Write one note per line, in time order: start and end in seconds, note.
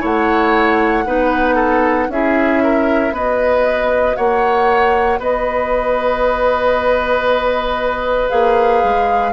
0.00 1.05 A3
0.00 1.04 E4
0.00 1.03 C#5
0.00 2.11 F#5
1.05 2.08 B3
1.05 2.09 D#4
1.05 1.55 B4
1.55 2.06 A4
2.08 3.11 C#4
2.08 3.12 E4
2.08 2.63 G#4
2.08 3.14 E5
2.63 3.14 A#4
3.11 4.14 B3
3.11 8.29 F#4
3.11 4.17 B4
3.11 4.16 D#5
4.16 5.19 A#3
4.16 5.19 C#5
4.16 5.19 F#5
5.19 8.29 B3
5.19 9.32 B4
5.19 8.29 D#5
8.29 8.83 A#3
8.29 9.32 G#4
8.29 9.32 F5
8.83 9.32 G#3